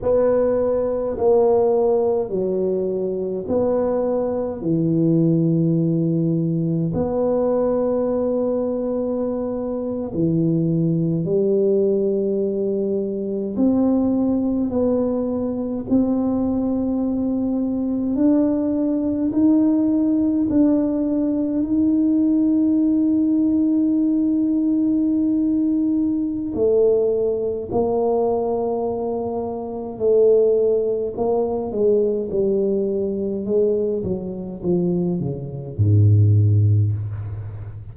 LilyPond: \new Staff \with { instrumentName = "tuba" } { \time 4/4 \tempo 4 = 52 b4 ais4 fis4 b4 | e2 b2~ | b8. e4 g2 c'16~ | c'8. b4 c'2 d'16~ |
d'8. dis'4 d'4 dis'4~ dis'16~ | dis'2. a4 | ais2 a4 ais8 gis8 | g4 gis8 fis8 f8 cis8 gis,4 | }